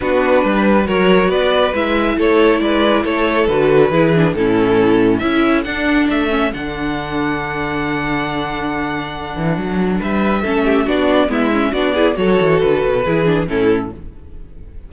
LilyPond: <<
  \new Staff \with { instrumentName = "violin" } { \time 4/4 \tempo 4 = 138 b'2 cis''4 d''4 | e''4 cis''4 d''4 cis''4 | b'2 a'2 | e''4 fis''4 e''4 fis''4~ |
fis''1~ | fis''2. e''4~ | e''4 d''4 e''4 d''4 | cis''4 b'2 a'4 | }
  \new Staff \with { instrumentName = "violin" } { \time 4/4 fis'4 b'4 ais'4 b'4~ | b'4 a'4 b'4 a'4~ | a'4 gis'4 e'2 | a'1~ |
a'1~ | a'2. b'4 | a'8 g'8 fis'4 e'4 fis'8 gis'8 | a'2 gis'4 e'4 | }
  \new Staff \with { instrumentName = "viola" } { \time 4/4 d'2 fis'2 | e'1 | fis'4 e'8 d'8 cis'2 | e'4 d'4. cis'8 d'4~ |
d'1~ | d'1 | cis'4 d'4 b8 cis'8 d'8 e'8 | fis'2 e'8 d'8 cis'4 | }
  \new Staff \with { instrumentName = "cello" } { \time 4/4 b4 g4 fis4 b4 | gis4 a4 gis4 a4 | d4 e4 a,2 | cis'4 d'4 a4 d4~ |
d1~ | d4. e8 fis4 g4 | a4 b4 gis4 b4 | fis8 e8 d8 b,8 e4 a,4 | }
>>